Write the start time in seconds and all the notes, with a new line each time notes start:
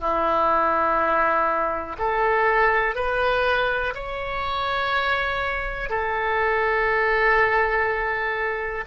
0.00 E4
1.99 A4
2.96 B4
3.95 C#5
5.90 A4